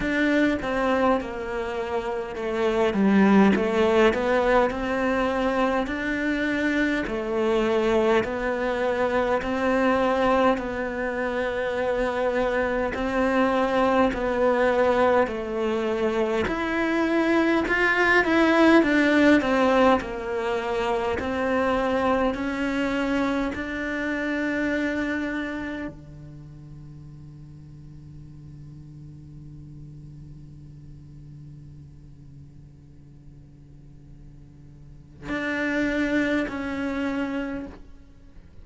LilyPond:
\new Staff \with { instrumentName = "cello" } { \time 4/4 \tempo 4 = 51 d'8 c'8 ais4 a8 g8 a8 b8 | c'4 d'4 a4 b4 | c'4 b2 c'4 | b4 a4 e'4 f'8 e'8 |
d'8 c'8 ais4 c'4 cis'4 | d'2 d2~ | d1~ | d2 d'4 cis'4 | }